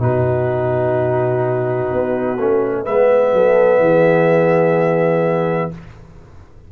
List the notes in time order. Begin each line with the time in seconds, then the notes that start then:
0.00 B2 D#4 F#4 B4
1.93 B3
2.39 A3 C#4
2.84 G#3 B3 B4 E5
3.33 F#3 A4
3.80 E3 G#4